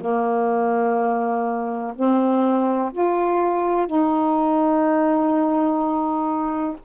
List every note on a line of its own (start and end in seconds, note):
0.00 1.94 A#3
1.95 2.92 C4
2.92 3.86 F4
3.86 6.77 D#4